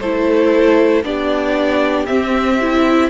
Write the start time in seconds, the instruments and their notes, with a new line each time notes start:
0.00 cello A3, viola E4, violin A4 C5
1.03 cello B3, viola D4, violin G4 D5
2.06 viola C4, cello C4, violin E5
2.61 viola E4